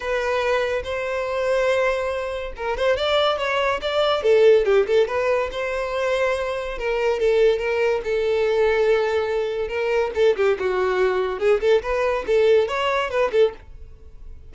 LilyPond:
\new Staff \with { instrumentName = "violin" } { \time 4/4 \tempo 4 = 142 b'2 c''2~ | c''2 ais'8 c''8 d''4 | cis''4 d''4 a'4 g'8 a'8 | b'4 c''2. |
ais'4 a'4 ais'4 a'4~ | a'2. ais'4 | a'8 g'8 fis'2 gis'8 a'8 | b'4 a'4 cis''4 b'8 a'8 | }